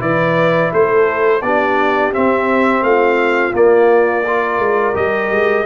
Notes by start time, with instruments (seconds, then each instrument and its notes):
0.00 tuba E3, trombone E4, horn B4, trumpet D5
0.73 tuba A3, horn A4, trumpet C5
1.42 tuba B3, trombone D4, horn G4, trumpet D5
2.12 trombone C4, tuba C4, trumpet E5
2.82 tuba A3, horn F4, trumpet F5
3.53 trombone A#3, tuba A#3, trumpet D5
4.27 trombone F4, horn A#4
4.59 tuba G#3
4.94 tuba G3, trombone G4, trumpet D#5
5.31 tuba G#3